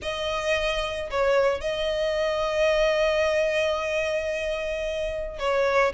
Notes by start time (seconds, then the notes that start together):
0.01 D#5
1.10 C#5
1.60 D#5
5.38 C#5